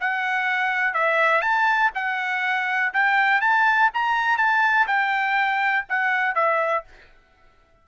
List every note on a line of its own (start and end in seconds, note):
0.00 0.94 F#5
0.94 1.42 E5
1.42 1.91 A5
1.94 2.93 F#5
2.94 3.41 G5
3.41 3.90 A5
3.94 4.37 A#5
4.37 4.86 A5
4.87 5.85 G5
5.89 6.35 F#5
6.35 6.84 E5